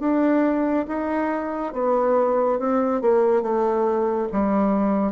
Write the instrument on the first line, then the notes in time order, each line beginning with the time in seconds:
bassoon
0.00 D4
0.88 D#4
1.73 B3
2.59 C4
3.02 A#3
3.42 A3
4.32 G3